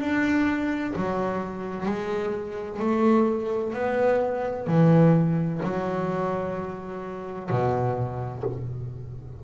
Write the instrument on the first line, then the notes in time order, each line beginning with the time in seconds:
double bass
0.00 D4
0.96 F#3
1.86 G#3
2.80 A3
3.73 B3
4.67 E3
5.63 F#3
7.50 B2